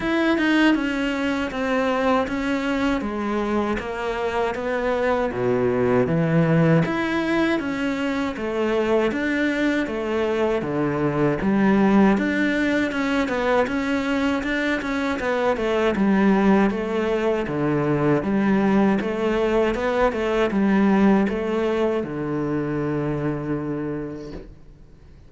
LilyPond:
\new Staff \with { instrumentName = "cello" } { \time 4/4 \tempo 4 = 79 e'8 dis'8 cis'4 c'4 cis'4 | gis4 ais4 b4 b,4 | e4 e'4 cis'4 a4 | d'4 a4 d4 g4 |
d'4 cis'8 b8 cis'4 d'8 cis'8 | b8 a8 g4 a4 d4 | g4 a4 b8 a8 g4 | a4 d2. | }